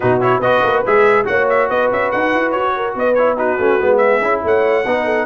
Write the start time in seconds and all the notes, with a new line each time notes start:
0.00 B2 D#4 F#4 B4
0.20 E4 C#5
0.39 B3 F#4 B4 D#5
0.62 A#3
0.86 G#3 G#4 E5
1.24 A#3 F#4 C#5 F#5
1.49 E5
1.68 B3 B4 D#5
1.91 C#4 E5
2.11 D#4 F#5
2.33 E4
2.51 F#4 C#5
2.76 A#4
2.95 B3 B4 D#5
3.14 E4 C#5
3.37 D#4 F#4 B4
3.59 A3 C#4
3.79 G#3 B3
3.97 G#4 E5
4.21 C#4 E4
4.43 A3 C#5 F#5
4.85 B3 D#4 B4
5.04 A4